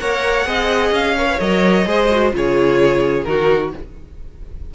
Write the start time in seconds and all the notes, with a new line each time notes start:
0.00 A#3 A#4 C#5 F#5
0.45 C4 G#4 D#5
0.91 C#4 F5
1.18 A#4 C#5
1.27 B4
1.40 F#3 A#4 D#5
1.86 G#3 G#4 C5
2.12 F#4
2.32 C#3 F4 G#4 C#5
3.24 D#3 D#4 F#4 A#4